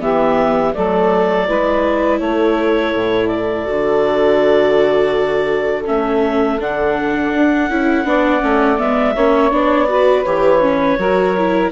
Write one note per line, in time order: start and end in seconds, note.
0.00 0.73 E3
0.00 0.73 B3
0.00 0.74 G4
0.00 0.74 E5
0.74 1.49 F#3
0.74 1.48 A3
0.74 1.47 A4
0.74 2.19 D5
1.47 2.20 G#3
1.47 3.65 E4
1.47 2.20 B4
2.19 2.93 A3
2.19 8.05 A4
2.19 3.27 C#5
2.94 3.67 A2
3.27 5.83 D5
3.65 5.88 D3
3.65 5.85 F#4
5.85 6.59 A3
5.85 6.59 C#4
5.85 6.60 E5
6.59 7.33 D3
6.59 7.70 D4
6.59 8.78 F#5
7.33 7.70 D4
7.70 8.04 C#4
7.70 8.05 E4
8.04 8.41 B3
8.04 8.40 D4
8.04 9.15 D5
8.40 8.79 A3
8.40 8.77 C#4
8.78 9.16 G#3
8.78 9.15 B3
8.78 9.52 E5
9.15 9.52 A#3
9.15 9.51 C#4
9.15 9.88 C#5
9.51 10.25 B3
9.51 9.88 D4
9.51 10.24 D5
9.88 10.25 F#4
9.88 10.98 B4
10.24 10.98 E3
10.24 10.61 G4
10.24 11.70 C#5
10.61 10.98 C#4
10.98 11.71 F#3
10.98 11.37 F#4
10.98 11.71 A#4
11.38 11.71 E4